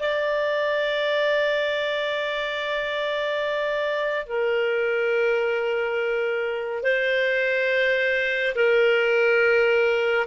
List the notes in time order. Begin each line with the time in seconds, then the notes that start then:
0.00 D5
4.26 A#4
6.83 C5
8.55 A#4